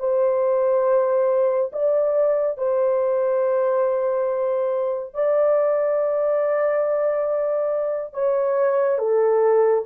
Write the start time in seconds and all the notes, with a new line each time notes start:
0.00 C5
1.73 D5
2.58 C5
5.14 D5
8.14 C#5
8.99 A4